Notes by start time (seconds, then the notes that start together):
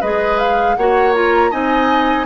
0.00 G#3 G#4 B4 D#5
0.38 F5
0.76 A#3 F#4 C#5 F#5
1.13 F4 A#5
1.50 C4 D#4 D#5 G#5